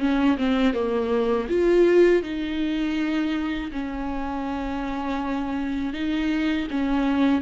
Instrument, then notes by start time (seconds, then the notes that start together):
viola
0.00 C#4
0.37 C4
0.73 A#3
1.49 F4
2.23 D#4
3.72 C#4
5.93 D#4
6.71 C#4